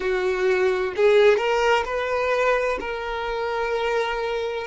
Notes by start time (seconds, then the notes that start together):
0.00 F#4
0.96 G#4
1.37 A#4
1.85 B4
2.80 A#4